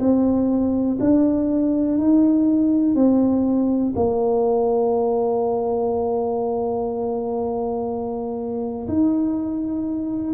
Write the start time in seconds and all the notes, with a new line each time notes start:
0.00 C4
1.00 D4
1.98 D#4
2.96 C4
3.96 A#3
8.88 D#4